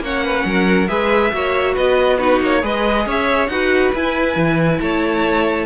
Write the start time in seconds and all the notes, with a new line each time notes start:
0.00 A#3 C#4 C#5 F#5
0.24 B4
0.45 F#3 A#4
0.88 G#3 G#4 B4 E5
1.32 A#3 F#4 C#5
1.74 B3 B4 D#5
2.18 D#4 F#4 B4
2.42 A#3 C#5
2.61 G#3 G#4 B4 D#5
3.06 C#4 C#5 E5
3.48 D#4 F#4 B4 F#5
3.94 E4 G#5
4.36 E3
4.80 A3 C#5 A5